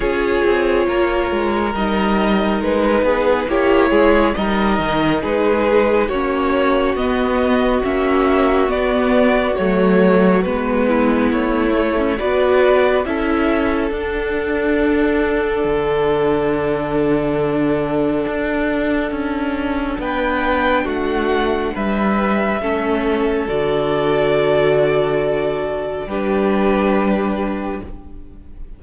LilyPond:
<<
  \new Staff \with { instrumentName = "violin" } { \time 4/4 \tempo 4 = 69 cis''2 dis''4 b'4 | cis''4 dis''4 b'4 cis''4 | dis''4 e''4 d''4 cis''4 | b'4 cis''4 d''4 e''4 |
fis''1~ | fis''2. g''4 | fis''4 e''2 d''4~ | d''2 b'2 | }
  \new Staff \with { instrumentName = "violin" } { \time 4/4 gis'4 ais'2~ ais'8 gis'8 | g'8 gis'8 ais'4 gis'4 fis'4~ | fis'1~ | fis'8 e'4. b'4 a'4~ |
a'1~ | a'2. b'4 | fis'4 b'4 a'2~ | a'2 g'2 | }
  \new Staff \with { instrumentName = "viola" } { \time 4/4 f'2 dis'2 | e'4 dis'2 cis'4 | b4 cis'4 b4 a4 | b4. a16 cis'16 fis'4 e'4 |
d'1~ | d'1~ | d'2 cis'4 fis'4~ | fis'2 d'2 | }
  \new Staff \with { instrumentName = "cello" } { \time 4/4 cis'8 c'8 ais8 gis8 g4 gis8 b8 | ais8 gis8 g8 dis8 gis4 ais4 | b4 ais4 b4 fis4 | gis4 a4 b4 cis'4 |
d'2 d2~ | d4 d'4 cis'4 b4 | a4 g4 a4 d4~ | d2 g2 | }
>>